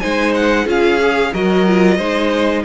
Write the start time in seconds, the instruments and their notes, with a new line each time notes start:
0.00 cello G#3, viola D#4, violin C5 G#5
0.35 violin F#5
0.65 cello C#4, viola F4, violin G#4 F5
1.01 viola G#4
1.33 cello F#3, viola F#4, violin A#4 D#5
1.67 viola F4
1.97 cello G#3, viola D#4, violin C5